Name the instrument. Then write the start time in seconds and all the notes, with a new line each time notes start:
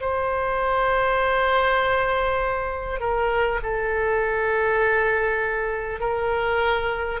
oboe
0.00 C5
3.00 A#4
3.63 A4
5.99 A#4